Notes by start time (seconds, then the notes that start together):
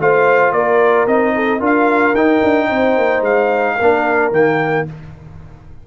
0.00 A3 F4 C5 F5
0.52 A#3 A#4 D5
1.07 C4 D#4 D#5
1.35 A4
1.60 D4 F4 A#4 F5
2.14 D#4 G5
2.44 D4
2.70 C4 C5
2.97 A#3
3.21 G#3 F5
3.76 A#3 A#4
3.82 D4
4.31 D#3 A#3 G5